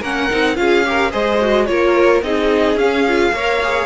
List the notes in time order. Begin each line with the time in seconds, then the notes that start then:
0.00 A#3 C#4 A#4 F#5
0.30 C4 D#4
0.55 C#4 F4 G#4 F5
0.85 G4 A#4
1.11 G#3 G#4 C5 D#5
1.41 F#4
1.66 A#3 F4 A#4 C#5
2.22 C4 D#4 G#4 D#5
2.75 C#4 F5
3.08 F4
3.32 A#3 A#4 C#5
3.63 G#4